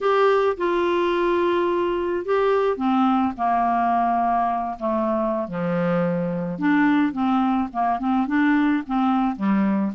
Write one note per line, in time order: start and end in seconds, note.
0.00 0.56 G4
0.57 2.25 F4
2.25 2.77 G4
2.77 3.33 C4
3.37 4.77 A#3
4.79 5.47 A3
5.47 6.58 F3
6.58 7.12 D4
7.12 7.68 C4
7.73 7.99 A#3
7.99 8.27 C4
8.27 8.83 D4
8.86 9.35 C4
9.35 9.92 G3